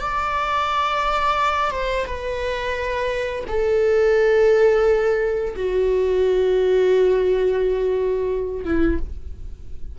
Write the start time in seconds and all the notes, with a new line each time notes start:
0.00 D5
1.71 C5
2.06 B4
3.48 A4
5.56 F#4
8.65 E4